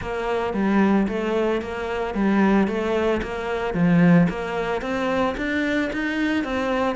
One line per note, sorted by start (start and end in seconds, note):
0.01 0.53 A#3
0.53 1.07 G3
1.07 1.61 A3
1.61 2.14 A#3
2.14 2.67 G3
2.67 3.21 A3
3.22 3.74 A#3
3.74 4.27 F3
4.29 4.81 A#3
4.81 5.35 C4
5.37 5.91 D4
5.92 6.44 D#4
6.44 6.95 C4